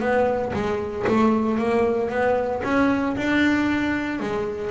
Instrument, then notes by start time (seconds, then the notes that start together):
double bass
0.00 B3
0.53 G#3
1.07 A3
1.58 A#3
2.10 B3
2.64 C#4
3.17 D4
4.20 G#3